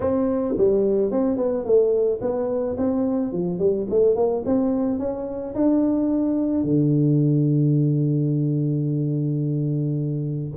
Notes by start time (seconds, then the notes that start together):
0.00 C4
0.57 G3
1.11 C4
1.37 B3
1.64 A3
2.21 B3
2.77 C4
3.32 F3
3.59 G3
3.90 A3
4.15 A#3
4.45 C4
4.98 C#4
5.54 D4
6.63 D3